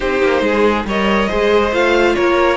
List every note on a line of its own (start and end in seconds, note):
0.00 0.22 C4
0.00 0.86 D#4
0.00 0.42 G4
0.00 0.86 C5
0.22 0.41 A#3
0.41 0.84 G#3
0.41 0.86 G#4
0.85 1.28 G3
0.85 1.28 A#4
0.85 1.29 C#5
0.85 1.74 D#5
1.28 1.71 G#3
1.28 1.71 G#4
1.28 2.15 C5
1.71 2.15 A3
1.71 2.56 F4
1.71 2.14 F5
2.14 2.56 A#3
2.14 2.56 A#4
2.14 2.56 C#5